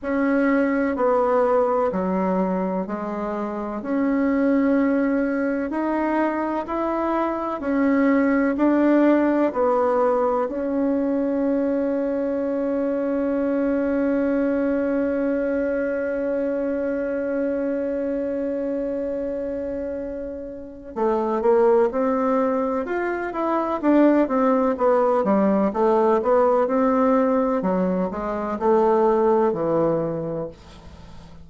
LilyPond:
\new Staff \with { instrumentName = "bassoon" } { \time 4/4 \tempo 4 = 63 cis'4 b4 fis4 gis4 | cis'2 dis'4 e'4 | cis'4 d'4 b4 cis'4~ | cis'1~ |
cis'1~ | cis'2 a8 ais8 c'4 | f'8 e'8 d'8 c'8 b8 g8 a8 b8 | c'4 fis8 gis8 a4 e4 | }